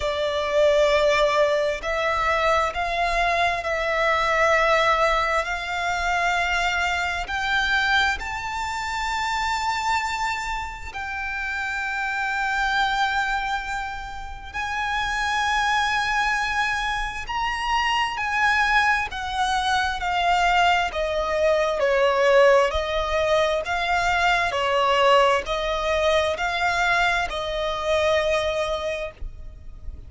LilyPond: \new Staff \with { instrumentName = "violin" } { \time 4/4 \tempo 4 = 66 d''2 e''4 f''4 | e''2 f''2 | g''4 a''2. | g''1 |
gis''2. ais''4 | gis''4 fis''4 f''4 dis''4 | cis''4 dis''4 f''4 cis''4 | dis''4 f''4 dis''2 | }